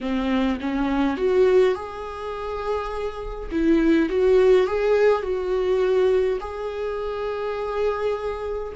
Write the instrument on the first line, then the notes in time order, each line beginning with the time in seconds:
viola
0.00 C4
0.60 C#4
1.17 F#4
1.74 G#4
3.51 E4
4.09 F#4
4.67 G#4
5.22 F#4
6.40 G#4